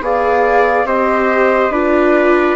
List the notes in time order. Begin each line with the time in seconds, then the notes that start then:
0.00 B3 G#4 D5 F5
0.84 C4 G4 C5 D#5
1.69 D4 F4 B4 D5